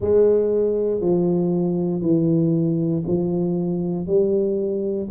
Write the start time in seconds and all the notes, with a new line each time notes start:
0.00 G#3
1.00 F3
2.01 E3
3.07 F3
4.06 G3